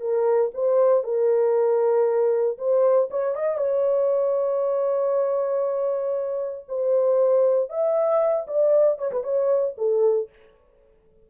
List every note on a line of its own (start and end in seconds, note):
0.00 0.51 A#4
0.54 1.04 C5
1.04 2.58 A#4
2.58 3.09 C5
3.10 3.35 C#5
3.35 3.58 D#5
3.58 6.65 C#5
6.69 7.70 C5
7.70 8.47 E5
8.47 8.98 D5
8.98 9.11 C#5
9.12 9.24 B4
9.24 9.75 C#5
9.78 10.29 A4